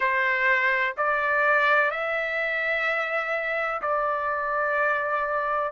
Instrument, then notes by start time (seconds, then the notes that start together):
trumpet
0.00 C5
0.97 D5
1.90 E5
3.81 D5